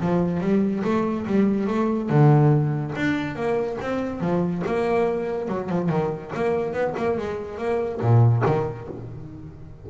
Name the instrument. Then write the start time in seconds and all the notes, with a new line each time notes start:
double bass
0.00 F3
0.40 G3
0.84 A3
1.26 G3
1.67 A3
2.09 D3
2.95 D4
3.35 A#3
3.81 C4
4.20 F3
4.66 A#3
5.48 F#3
5.69 F3
5.89 D#3
6.34 A#3
6.73 B3
6.97 A#3
7.17 G#3
7.58 A#3
8.01 A#2
8.45 D#3